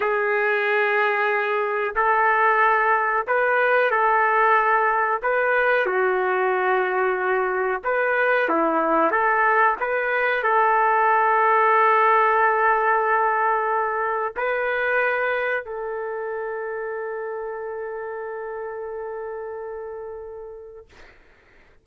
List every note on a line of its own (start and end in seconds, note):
0.00 1.94 G#4
1.95 3.26 A4
3.27 3.90 B4
3.90 5.21 A4
5.22 5.85 B4
5.85 7.81 F#4
7.83 8.48 B4
8.48 9.11 E4
9.11 9.76 A4
9.79 10.43 B4
10.43 14.34 A4
14.36 15.64 B4
15.64 20.86 A4